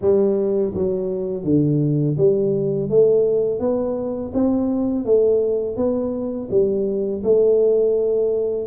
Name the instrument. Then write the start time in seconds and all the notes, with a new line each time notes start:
tuba
0.01 G3
0.74 F#3
1.44 D3
2.17 G3
2.89 A3
3.59 B3
4.34 C4
5.05 A3
5.76 B3
6.50 G3
7.23 A3